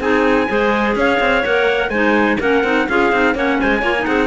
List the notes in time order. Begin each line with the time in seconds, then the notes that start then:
0.00 C4 D#4 G#4 G#5
0.48 G#3 G#4 C5
0.96 C#4 C#5 F5
1.20 C4
1.45 A#3 A#4 F#5
1.90 G#3 D#4 C5 G#5
2.39 A#3 C#4 A#4 F#5
2.64 C4 D#4
2.89 C#4 F4 G#4 F5
3.12 C4 D#4
3.34 A#3 C#4 C#5 F#5
3.61 G#3 C5 G#5
3.81 A#3 F4 C#5
3.99 D#4
4.06 C4 G#4 F#5